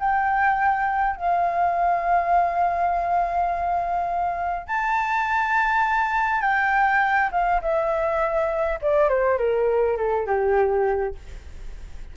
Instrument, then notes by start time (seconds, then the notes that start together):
flute
0.00 G5
1.17 F5
4.67 A5
6.42 G5
7.32 F5
7.62 E5
8.82 D5
9.09 C5
9.39 A#4
9.97 A4
10.27 G4